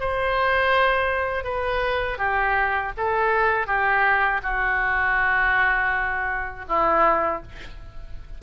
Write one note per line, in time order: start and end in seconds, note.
0.00 1.44 C5
1.44 2.18 B4
2.18 2.92 G4
2.97 3.67 A4
3.67 4.41 G4
4.43 6.65 F#4
6.68 7.42 E4